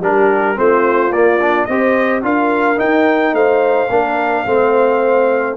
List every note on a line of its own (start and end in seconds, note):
0.00 0.56 G3
0.00 0.56 D4
0.00 0.57 G4
0.00 0.58 A#4
0.56 1.10 A3
0.56 1.11 C4
0.56 1.68 F4
0.56 1.12 C5
1.10 1.66 A#3
1.10 1.40 A#3
1.10 1.65 D5
1.41 1.69 D4
1.65 2.23 C4
1.65 2.22 G4
1.65 2.23 C5
1.65 2.21 D#5
2.22 2.78 D4
2.22 2.77 F4
2.22 3.35 A#4
2.22 2.79 F5
2.77 3.88 D#4
2.77 3.32 D#4
2.77 3.35 G5
3.32 3.88 A3
3.32 3.90 C5
3.32 5.56 F5
3.89 4.45 A#3
3.89 4.46 D4
3.89 4.46 A#4
4.46 5.56 A3
4.46 5.56 C4
4.46 5.56 C5